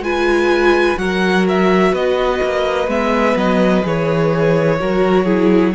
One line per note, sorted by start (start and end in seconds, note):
0.00 0.95 G#3
0.00 0.97 F4
0.00 0.99 B4
0.00 0.98 G#5
0.97 1.93 F#3
0.97 2.87 F#4
0.97 1.92 A#4
0.97 1.46 F#5
1.49 1.94 E5
1.92 2.40 B3
1.92 4.78 B4
1.92 2.90 D#5
2.43 2.87 A#3
2.87 3.35 G#3
2.87 3.83 B3
2.87 3.37 E5
3.36 3.84 F#3
3.36 3.85 D#5
3.83 4.80 E3
3.83 4.78 G#4
3.83 5.75 C#5
4.80 5.75 F#3
4.80 5.26 F#4
4.80 5.25 A#4
5.25 5.74 E4
5.25 5.72 G#4